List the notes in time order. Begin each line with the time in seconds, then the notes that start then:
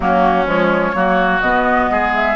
0.00 F#3 A#3 C#4 F#4
0.46 F3 G#3 C#5
0.94 F#3 A#3 F#4
1.40 B2 B3 D#5
1.90 G#3 G#4
2.14 E5